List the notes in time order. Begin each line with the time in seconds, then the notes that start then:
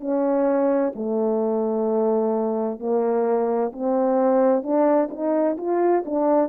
0.00 C#4
0.95 A3
2.79 A#3
3.73 C4
4.63 D4
5.10 D#4
5.57 F4
6.05 D4